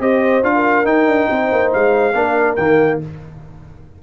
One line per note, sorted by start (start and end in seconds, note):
0.00 0.43 C4
0.00 0.43 G4
0.00 0.54 C5
0.00 0.43 D#5
0.43 0.85 D4
0.43 0.85 F4
0.43 0.86 F5
0.55 1.30 A#4
0.85 1.06 D#4
0.85 2.13 D#4
0.85 1.72 G5
1.06 1.28 D4
1.30 1.51 C4
1.30 2.16 C5
1.52 1.73 A#3
1.73 2.14 G#3
1.73 2.56 F5
2.14 2.57 A#3
2.14 2.57 D4
2.14 3.02 A#4
2.56 3.01 D#3
2.56 3.01 A#3
2.56 2.99 G5